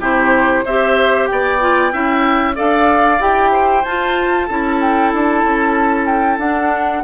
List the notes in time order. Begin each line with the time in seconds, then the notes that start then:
0.00 C3 E4 G4 C5
0.65 C4 G4 C5 E5
1.26 B3 D5 G5
1.60 F4
1.93 C#4 E4 E5
2.55 D4 A4 D5 F5
3.20 E4 G4 G5
3.52 C5
3.85 F4 A5
4.47 C#4 E4 A4
4.81 G5
5.13 D4 A5
5.43 C#4
6.06 G5
6.38 D4 F#5